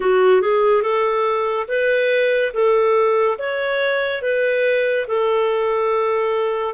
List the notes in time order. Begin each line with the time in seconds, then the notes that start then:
0.00 F#4
0.41 G#4
0.82 A4
1.67 B4
2.53 A4
3.38 C#5
4.22 B4
5.07 A4